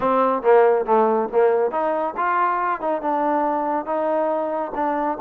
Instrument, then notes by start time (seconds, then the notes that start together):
trombone
0.00 C4
0.42 A#3
0.85 A3
1.31 A#3
1.71 D#4
2.16 F4
2.80 D#4
3.01 D4
3.85 D#4
4.74 D4